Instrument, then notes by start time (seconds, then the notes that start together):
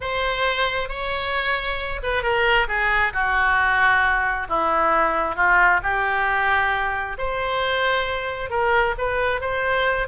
oboe
0.00 C5
0.88 C#5
2.03 B4
2.22 A#4
2.67 G#4
3.13 F#4
4.48 E4
5.35 F4
5.82 G4
7.18 C5
8.50 A#4
8.98 B4
9.40 C5